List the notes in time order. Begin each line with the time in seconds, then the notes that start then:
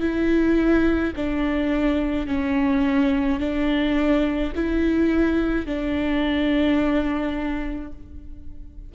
0.00 E4
1.16 D4
2.27 C#4
3.40 D4
4.55 E4
5.66 D4